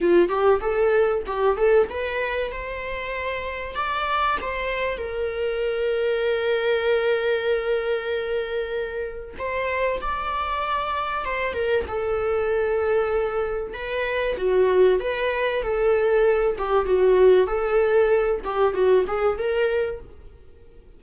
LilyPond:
\new Staff \with { instrumentName = "viola" } { \time 4/4 \tempo 4 = 96 f'8 g'8 a'4 g'8 a'8 b'4 | c''2 d''4 c''4 | ais'1~ | ais'2. c''4 |
d''2 c''8 ais'8 a'4~ | a'2 b'4 fis'4 | b'4 a'4. g'8 fis'4 | a'4. g'8 fis'8 gis'8 ais'4 | }